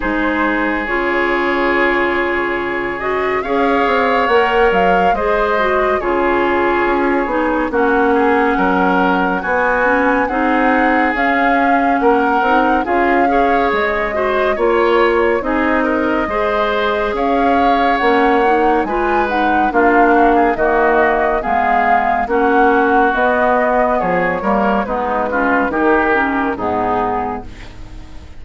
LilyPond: <<
  \new Staff \with { instrumentName = "flute" } { \time 4/4 \tempo 4 = 70 c''4 cis''2~ cis''8 dis''8 | f''4 fis''8 f''8 dis''4 cis''4~ | cis''4 fis''2 gis''4 | fis''4 f''4 fis''4 f''4 |
dis''4 cis''4 dis''2 | f''4 fis''4 gis''8 fis''8 f''4 | dis''4 f''4 fis''4 dis''4 | cis''4 b'4 ais'4 gis'4 | }
  \new Staff \with { instrumentName = "oboe" } { \time 4/4 gis'1 | cis''2 c''4 gis'4~ | gis'4 fis'8 gis'8 ais'4 fis'4 | gis'2 ais'4 gis'8 cis''8~ |
cis''8 c''8 cis''4 gis'8 ais'8 c''4 | cis''2 b'4 f'8 fis'16 gis'16 | fis'4 gis'4 fis'2 | gis'8 ais'8 dis'8 f'8 g'4 dis'4 | }
  \new Staff \with { instrumentName = "clarinet" } { \time 4/4 dis'4 f'2~ f'8 fis'8 | gis'4 ais'4 gis'8 fis'8 f'4~ | f'8 dis'8 cis'2 b8 cis'8 | dis'4 cis'4. dis'8 f'8 gis'8~ |
gis'8 fis'8 f'4 dis'4 gis'4~ | gis'4 cis'8 dis'8 f'8 dis'8 d'4 | ais4 b4 cis'4 b4~ | b8 ais8 b8 cis'8 dis'8 cis'8 b4 | }
  \new Staff \with { instrumentName = "bassoon" } { \time 4/4 gis4 cis2. | cis'8 c'8 ais8 fis8 gis4 cis4 | cis'8 b8 ais4 fis4 b4 | c'4 cis'4 ais8 c'8 cis'4 |
gis4 ais4 c'4 gis4 | cis'4 ais4 gis4 ais4 | dis4 gis4 ais4 b4 | f8 g8 gis4 dis4 gis,4 | }
>>